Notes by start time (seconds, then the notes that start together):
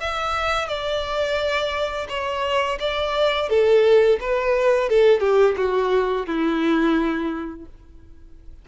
0.00 E5
0.68 D5
2.09 C#5
2.80 D5
3.49 A4
4.21 B4
4.90 A4
5.20 G4
5.57 F#4
6.26 E4